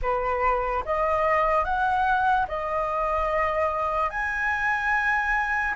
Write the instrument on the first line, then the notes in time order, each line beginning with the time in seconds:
flute
0.01 B4
0.85 D#5
1.64 F#5
2.48 D#5
4.10 G#5